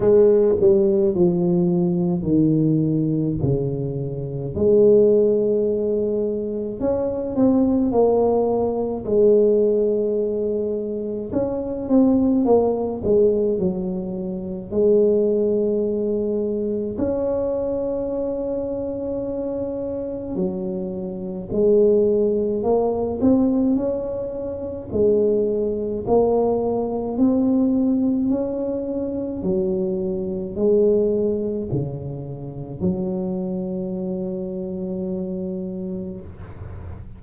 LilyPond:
\new Staff \with { instrumentName = "tuba" } { \time 4/4 \tempo 4 = 53 gis8 g8 f4 dis4 cis4 | gis2 cis'8 c'8 ais4 | gis2 cis'8 c'8 ais8 gis8 | fis4 gis2 cis'4~ |
cis'2 fis4 gis4 | ais8 c'8 cis'4 gis4 ais4 | c'4 cis'4 fis4 gis4 | cis4 fis2. | }